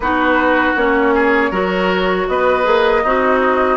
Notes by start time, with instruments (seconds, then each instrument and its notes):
0.00 bassoon B3, clarinet D#4, oboe F#4, flute B4
0.75 bassoon A#3, clarinet C#4, flute C#5
1.14 oboe G#4
1.50 bassoon F#3, clarinet F#4, oboe A#4
2.28 bassoon B3, oboe B4, flute D#5
2.63 bassoon A#3, clarinet G#4
3.02 bassoon C4, oboe D#4, clarinet F#4